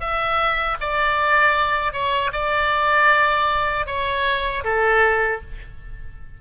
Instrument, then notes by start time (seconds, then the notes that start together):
oboe
0.00 E5
0.81 D5
1.93 C#5
2.33 D5
3.87 C#5
4.64 A4